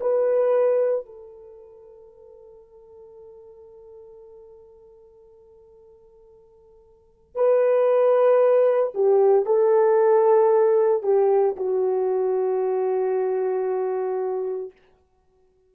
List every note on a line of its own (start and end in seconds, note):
0.00 1.05 B4
1.06 7.35 A4
7.35 8.93 B4
8.94 9.45 G4
9.45 11.03 A4
11.03 11.56 G4
11.56 14.72 F#4